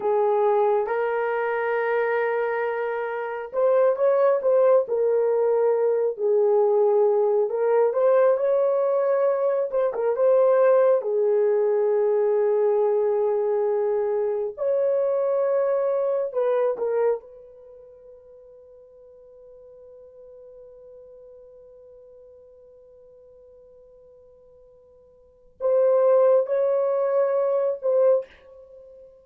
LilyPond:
\new Staff \with { instrumentName = "horn" } { \time 4/4 \tempo 4 = 68 gis'4 ais'2. | c''8 cis''8 c''8 ais'4. gis'4~ | gis'8 ais'8 c''8 cis''4. c''16 ais'16 c''8~ | c''8 gis'2.~ gis'8~ |
gis'8 cis''2 b'8 ais'8 b'8~ | b'1~ | b'1~ | b'4 c''4 cis''4. c''8 | }